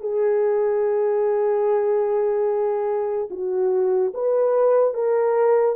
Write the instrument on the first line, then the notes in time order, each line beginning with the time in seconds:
horn
0.00 G#4
3.30 F#4
4.14 B4
4.94 A#4